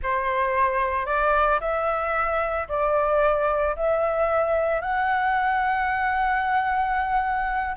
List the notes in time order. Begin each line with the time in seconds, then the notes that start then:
0.02 C5
1.06 D5
1.60 E5
2.68 D5
3.75 E5
4.81 F#5